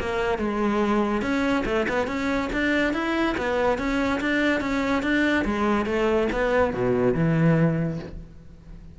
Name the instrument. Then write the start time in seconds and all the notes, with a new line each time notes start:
cello
0.00 A#3
0.39 G#3
1.22 C#4
1.66 A3
1.89 B3
2.07 C#4
2.53 D4
2.94 E4
3.37 B3
3.78 C#4
4.21 D4
4.61 C#4
5.03 D4
5.45 G#3
5.86 A3
6.32 B3
6.74 B2
7.15 E3